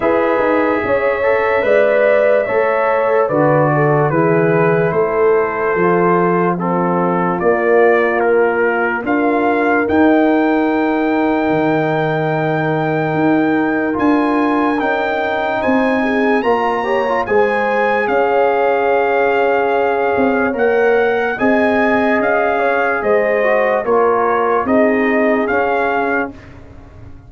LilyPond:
<<
  \new Staff \with { instrumentName = "trumpet" } { \time 4/4 \tempo 4 = 73 e''1 | d''4 b'4 c''2 | a'4 d''4 ais'4 f''4 | g''1~ |
g''4 gis''4 g''4 gis''4 | ais''4 gis''4 f''2~ | f''4 fis''4 gis''4 f''4 | dis''4 cis''4 dis''4 f''4 | }
  \new Staff \with { instrumentName = "horn" } { \time 4/4 b'4 cis''4 d''4 cis''4 | b'8 a'8 gis'4 a'2 | f'2. ais'4~ | ais'1~ |
ais'2. c''8 gis'8 | ais'8 cis''8 c''4 cis''2~ | cis''2 dis''4. cis''8 | c''4 ais'4 gis'2 | }
  \new Staff \with { instrumentName = "trombone" } { \time 4/4 gis'4. a'8 b'4 a'4 | fis'4 e'2 f'4 | c'4 ais2 f'4 | dis'1~ |
dis'4 f'4 dis'2 | f'8 g'16 f'16 gis'2.~ | gis'4 ais'4 gis'2~ | gis'8 fis'8 f'4 dis'4 cis'4 | }
  \new Staff \with { instrumentName = "tuba" } { \time 4/4 e'8 dis'8 cis'4 gis4 a4 | d4 e4 a4 f4~ | f4 ais2 d'4 | dis'2 dis2 |
dis'4 d'4 cis'4 c'4 | ais4 gis4 cis'2~ | cis'8 c'8 ais4 c'4 cis'4 | gis4 ais4 c'4 cis'4 | }
>>